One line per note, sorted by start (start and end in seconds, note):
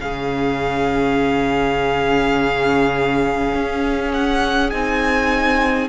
0.00 3.53 C#3
0.00 4.71 C#4
0.00 5.89 G#4
0.00 4.12 F5
3.54 4.72 C#4
4.13 4.70 F#5
4.70 5.89 C4
4.70 5.89 D#4
4.70 5.88 G#5